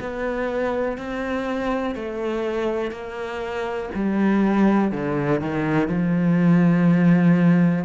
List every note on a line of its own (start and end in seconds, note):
0.00 0.97 B3
0.97 1.95 C4
1.95 2.91 A3
2.91 3.89 A#3
3.94 4.91 G3
4.91 5.41 D3
5.41 5.88 D#3
5.88 7.85 F3